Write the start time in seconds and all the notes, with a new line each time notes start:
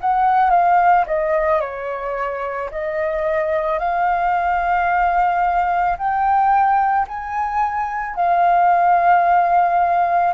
0.00 F#5
0.50 F5
1.06 D#5
1.60 C#5
2.71 D#5
3.79 F5
5.97 G5
7.07 G#5
8.15 F5